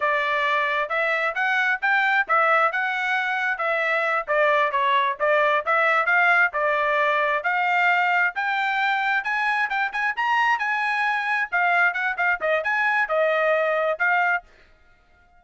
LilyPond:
\new Staff \with { instrumentName = "trumpet" } { \time 4/4 \tempo 4 = 133 d''2 e''4 fis''4 | g''4 e''4 fis''2 | e''4. d''4 cis''4 d''8~ | d''8 e''4 f''4 d''4.~ |
d''8 f''2 g''4.~ | g''8 gis''4 g''8 gis''8 ais''4 gis''8~ | gis''4. f''4 fis''8 f''8 dis''8 | gis''4 dis''2 f''4 | }